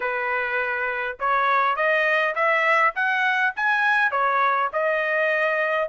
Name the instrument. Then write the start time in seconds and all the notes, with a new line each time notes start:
trumpet
0.00 B4
1.19 C#5
1.76 D#5
2.35 E5
2.95 F#5
3.56 G#5
4.11 C#5
4.72 D#5